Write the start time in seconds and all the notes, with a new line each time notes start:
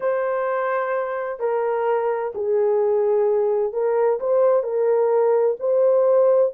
0.00 C5
1.39 A#4
2.34 G#4
3.72 A#4
4.20 C5
4.63 A#4
5.59 C5